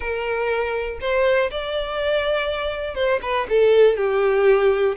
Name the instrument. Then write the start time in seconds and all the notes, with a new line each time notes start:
violin
0.00 A#4
1.01 C5
1.51 D5
2.95 C5
3.21 B4
3.49 A4
3.96 G4